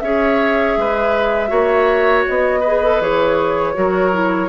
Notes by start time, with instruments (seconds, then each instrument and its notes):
0.00 bassoon C#4, clarinet G#4, oboe C#5, flute E5
0.77 bassoon G#3, oboe B4
1.48 bassoon A#3, clarinet F#4, oboe C#5
2.28 bassoon B3, flute D#5
2.60 oboe B4
2.66 clarinet G#4
2.83 clarinet A4
3.00 bassoon E3, clarinet G#4, flute C#5
3.74 bassoon F#3, clarinet F#4, oboe A#4
4.12 clarinet E4